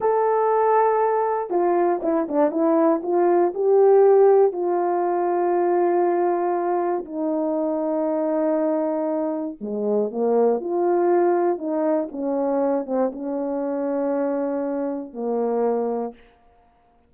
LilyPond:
\new Staff \with { instrumentName = "horn" } { \time 4/4 \tempo 4 = 119 a'2. f'4 | e'8 d'8 e'4 f'4 g'4~ | g'4 f'2.~ | f'2 dis'2~ |
dis'2. gis4 | ais4 f'2 dis'4 | cis'4. c'8 cis'2~ | cis'2 ais2 | }